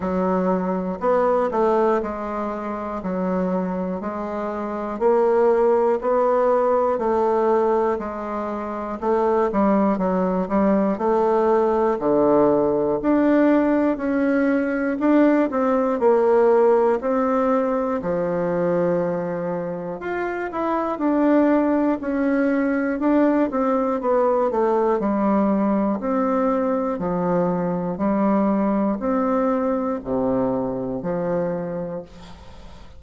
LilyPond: \new Staff \with { instrumentName = "bassoon" } { \time 4/4 \tempo 4 = 60 fis4 b8 a8 gis4 fis4 | gis4 ais4 b4 a4 | gis4 a8 g8 fis8 g8 a4 | d4 d'4 cis'4 d'8 c'8 |
ais4 c'4 f2 | f'8 e'8 d'4 cis'4 d'8 c'8 | b8 a8 g4 c'4 f4 | g4 c'4 c4 f4 | }